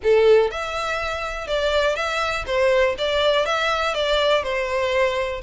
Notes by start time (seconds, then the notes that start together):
0.03 A4
0.50 E5
1.47 D5
1.95 E5
2.46 C5
2.98 D5
3.45 E5
3.94 D5
4.43 C5